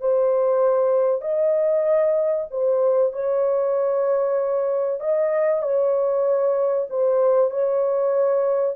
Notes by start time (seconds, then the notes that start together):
0.00 C5
1.21 D#5
2.51 C5
3.12 C#5
5.00 D#5
5.62 C#5
6.90 C5
7.50 C#5